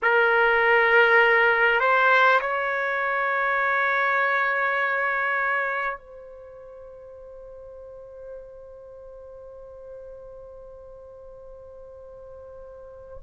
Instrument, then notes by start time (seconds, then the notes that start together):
trumpet
0.02 A#4
1.79 C5
2.41 C#5
5.98 C5